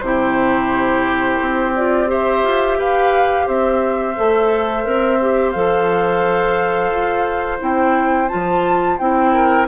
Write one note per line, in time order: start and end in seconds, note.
0.00 1.39 C3
0.00 1.76 E4
0.00 2.09 G4
0.00 1.72 C5
1.40 2.43 C4
1.75 2.07 F4
1.75 2.10 D5
2.07 4.14 G4
2.07 2.78 C5
2.07 2.79 E5
2.43 2.77 F4
2.77 3.46 G4
2.77 3.46 B4
2.77 3.47 F5
3.46 4.17 C4
3.46 9.32 C5
3.46 5.51 E5
4.15 4.86 A3
4.15 4.83 A4
4.83 5.55 C4
4.83 5.18 A#4
5.21 5.54 G4
5.51 6.91 F3
5.51 7.59 A4
5.51 7.58 F5
6.91 7.60 F4
7.59 8.30 C4
7.59 8.28 E4
7.59 8.28 G5
8.28 8.99 F3
8.28 8.98 F4
8.28 8.97 A5
8.98 9.67 C4
8.98 9.67 E4
8.98 9.67 G5
9.33 9.67 A#4